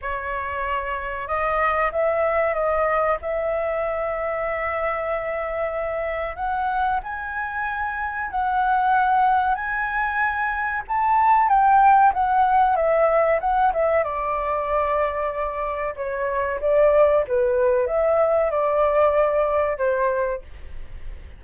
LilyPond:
\new Staff \with { instrumentName = "flute" } { \time 4/4 \tempo 4 = 94 cis''2 dis''4 e''4 | dis''4 e''2.~ | e''2 fis''4 gis''4~ | gis''4 fis''2 gis''4~ |
gis''4 a''4 g''4 fis''4 | e''4 fis''8 e''8 d''2~ | d''4 cis''4 d''4 b'4 | e''4 d''2 c''4 | }